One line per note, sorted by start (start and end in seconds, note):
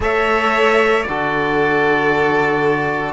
0.00 1.05 A3
0.00 1.05 A4
0.00 1.07 C#5
0.00 1.03 E5
1.03 3.12 D3
1.03 3.12 F#4
1.03 3.12 A4
1.03 3.12 D5